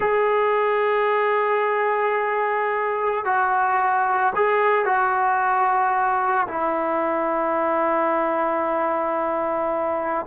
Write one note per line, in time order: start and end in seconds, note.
0.00 3.24 G#4
3.25 4.33 F#4
4.35 4.85 G#4
4.85 6.47 F#4
6.47 10.26 E4